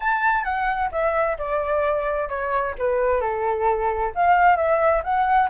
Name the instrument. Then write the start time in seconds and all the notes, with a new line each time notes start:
flute
0.00 A5
0.44 F#5
0.91 E5
1.38 D5
2.28 C#5
2.78 B4
3.20 A4
4.15 F5
4.56 E5
5.03 F#5